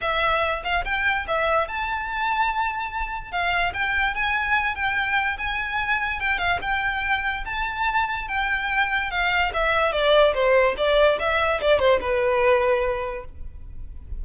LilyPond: \new Staff \with { instrumentName = "violin" } { \time 4/4 \tempo 4 = 145 e''4. f''8 g''4 e''4 | a''1 | f''4 g''4 gis''4. g''8~ | g''4 gis''2 g''8 f''8 |
g''2 a''2 | g''2 f''4 e''4 | d''4 c''4 d''4 e''4 | d''8 c''8 b'2. | }